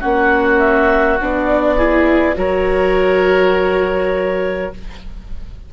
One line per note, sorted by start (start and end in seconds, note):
0.00 1.20 A#3
0.00 1.19 C#4
0.00 1.76 F#4
0.00 0.59 F#5
0.59 1.18 E5
1.20 2.37 B3
1.20 1.79 D4
1.20 2.38 D5
1.77 2.35 E4
1.77 2.36 G#4
2.35 4.72 F#3
2.35 4.70 F#4
2.35 4.73 A#4
2.35 4.73 C#5